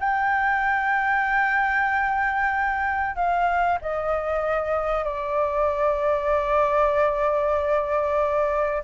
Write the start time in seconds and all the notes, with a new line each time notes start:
0.00 G5
3.16 F5
3.82 D#5
5.04 D5